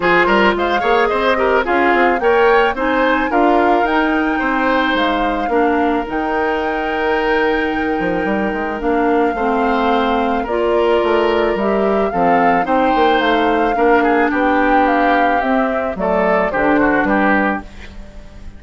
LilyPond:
<<
  \new Staff \with { instrumentName = "flute" } { \time 4/4 \tempo 4 = 109 c''4 f''4 dis''4 f''4 | g''4 gis''4 f''4 g''4~ | g''4 f''2 g''4~ | g''1 |
f''2. d''4~ | d''4 e''4 f''4 g''4 | f''2 g''4 f''4 | e''4 d''4 c''4 b'4 | }
  \new Staff \with { instrumentName = "oboe" } { \time 4/4 gis'8 ais'8 c''8 cis''8 c''8 ais'8 gis'4 | cis''4 c''4 ais'2 | c''2 ais'2~ | ais'1~ |
ais'4 c''2 ais'4~ | ais'2 a'4 c''4~ | c''4 ais'8 gis'8 g'2~ | g'4 a'4 g'8 fis'8 g'4 | }
  \new Staff \with { instrumentName = "clarinet" } { \time 4/4 f'4. gis'4 g'8 f'4 | ais'4 dis'4 f'4 dis'4~ | dis'2 d'4 dis'4~ | dis'1 |
d'4 c'2 f'4~ | f'4 g'4 c'4 dis'4~ | dis'4 d'2. | c'4 a4 d'2 | }
  \new Staff \with { instrumentName = "bassoon" } { \time 4/4 f8 g8 gis8 ais8 c'4 cis'8 c'8 | ais4 c'4 d'4 dis'4 | c'4 gis4 ais4 dis4~ | dis2~ dis8 f8 g8 gis8 |
ais4 a2 ais4 | a4 g4 f4 c'8 ais8 | a4 ais4 b2 | c'4 fis4 d4 g4 | }
>>